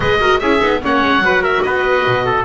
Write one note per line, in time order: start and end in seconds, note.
0.00 0.40 G#3
0.00 0.20 G#4
0.00 0.20 B4
0.00 0.39 D#5
0.20 0.40 F#4
0.20 0.41 A#4
0.39 0.61 C#4
0.39 0.59 E4
0.39 0.82 G#4
0.39 0.79 E5
0.59 0.82 B3
0.59 0.79 D#4
0.83 1.01 A#3
0.83 1.22 C#4
0.83 1.24 C#5
0.83 1.43 F#5
1.01 1.19 G#3
1.19 1.59 F#3
1.19 2.45 F#4
1.19 1.42 B4
1.42 1.62 A#4
1.42 1.62 E5
1.62 2.05 B3
1.62 2.25 B4
1.62 2.44 D#5
2.06 2.45 B2
2.25 2.45 A4